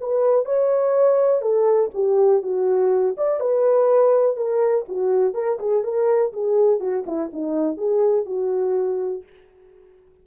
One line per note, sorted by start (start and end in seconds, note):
0.00 0.45 B4
0.45 1.41 C#5
1.41 1.90 A4
1.94 2.42 G4
2.42 3.15 F#4
3.17 3.40 D5
3.40 4.36 B4
4.36 4.85 A#4
4.88 5.34 F#4
5.34 5.58 A#4
5.59 5.83 G#4
5.83 6.32 A#4
6.33 6.80 G#4
6.80 7.04 F#4
7.06 7.30 E4
7.33 7.77 D#4
7.77 8.25 G#4
8.25 9.23 F#4